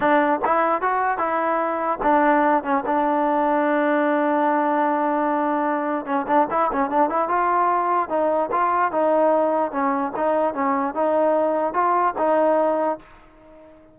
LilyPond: \new Staff \with { instrumentName = "trombone" } { \time 4/4 \tempo 4 = 148 d'4 e'4 fis'4 e'4~ | e'4 d'4. cis'8 d'4~ | d'1~ | d'2. cis'8 d'8 |
e'8 cis'8 d'8 e'8 f'2 | dis'4 f'4 dis'2 | cis'4 dis'4 cis'4 dis'4~ | dis'4 f'4 dis'2 | }